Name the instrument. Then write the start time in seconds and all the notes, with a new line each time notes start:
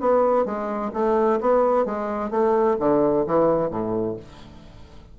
bassoon
0.00 B3
0.45 G#3
0.93 A3
1.41 B3
1.85 G#3
2.31 A3
2.79 D3
3.27 E3
3.70 A2